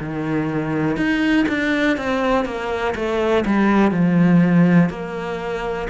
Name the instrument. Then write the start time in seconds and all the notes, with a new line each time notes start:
cello
0.00 D#3
0.97 D#4
1.48 D4
1.98 C4
2.45 A#3
2.95 A3
3.46 G3
3.91 F3
4.90 A#3